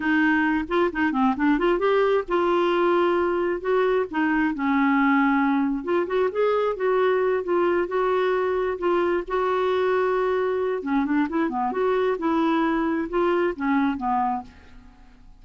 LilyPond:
\new Staff \with { instrumentName = "clarinet" } { \time 4/4 \tempo 4 = 133 dis'4. f'8 dis'8 c'8 d'8 f'8 | g'4 f'2. | fis'4 dis'4 cis'2~ | cis'4 f'8 fis'8 gis'4 fis'4~ |
fis'8 f'4 fis'2 f'8~ | f'8 fis'2.~ fis'8 | cis'8 d'8 e'8 b8 fis'4 e'4~ | e'4 f'4 cis'4 b4 | }